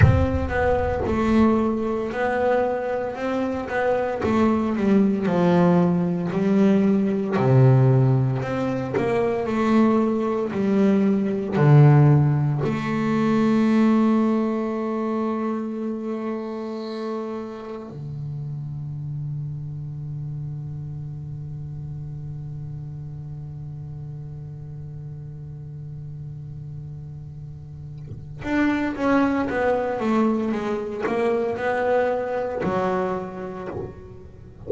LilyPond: \new Staff \with { instrumentName = "double bass" } { \time 4/4 \tempo 4 = 57 c'8 b8 a4 b4 c'8 b8 | a8 g8 f4 g4 c4 | c'8 ais8 a4 g4 d4 | a1~ |
a4 d2.~ | d1~ | d2. d'8 cis'8 | b8 a8 gis8 ais8 b4 fis4 | }